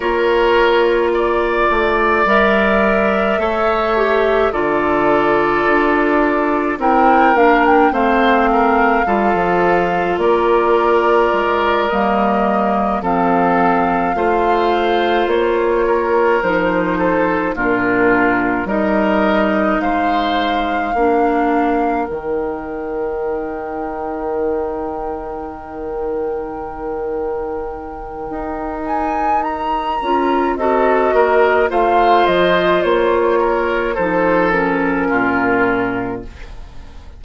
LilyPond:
<<
  \new Staff \with { instrumentName = "flute" } { \time 4/4 \tempo 4 = 53 cis''4 d''4 e''2 | d''2 g''8 f''16 g''16 f''4~ | f''4 d''4. dis''4 f''8~ | f''4. cis''4 c''4 ais'8~ |
ais'8 dis''4 f''2 g''8~ | g''1~ | g''4. gis''8 ais''4 dis''4 | f''8 dis''8 cis''4 c''8 ais'4. | }
  \new Staff \with { instrumentName = "oboe" } { \time 4/4 ais'4 d''2 cis''4 | a'2 ais'4 c''8 ais'8 | a'4 ais'2~ ais'8 a'8~ | a'8 c''4. ais'4 a'8 f'8~ |
f'8 ais'4 c''4 ais'4.~ | ais'1~ | ais'2. a'8 ais'8 | c''4. ais'8 a'4 f'4 | }
  \new Staff \with { instrumentName = "clarinet" } { \time 4/4 f'2 ais'4 a'8 g'8 | f'2 e'8 d'8 c'4 | f'2~ f'8 ais4 c'8~ | c'8 f'2 dis'4 d'8~ |
d'8 dis'2 d'4 dis'8~ | dis'1~ | dis'2~ dis'8 f'8 fis'4 | f'2 dis'8 cis'4. | }
  \new Staff \with { instrumentName = "bassoon" } { \time 4/4 ais4. a8 g4 a4 | d4 d'4 c'8 ais8 a4 | g16 f8. ais4 gis8 g4 f8~ | f8 a4 ais4 f4 ais,8~ |
ais,8 g4 gis4 ais4 dis8~ | dis1~ | dis4 dis'4. cis'8 c'8 ais8 | a8 f8 ais4 f4 ais,4 | }
>>